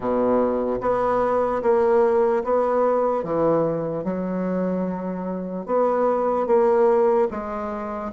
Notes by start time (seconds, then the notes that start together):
0.00 B2
0.80 B3
1.62 A#3
2.43 B3
3.23 E3
4.04 F#3
5.65 B3
6.46 A#3
7.30 G#3